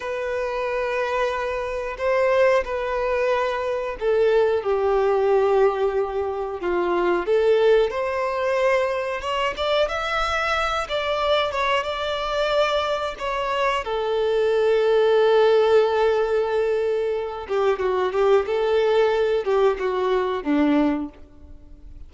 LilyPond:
\new Staff \with { instrumentName = "violin" } { \time 4/4 \tempo 4 = 91 b'2. c''4 | b'2 a'4 g'4~ | g'2 f'4 a'4 | c''2 cis''8 d''8 e''4~ |
e''8 d''4 cis''8 d''2 | cis''4 a'2.~ | a'2~ a'8 g'8 fis'8 g'8 | a'4. g'8 fis'4 d'4 | }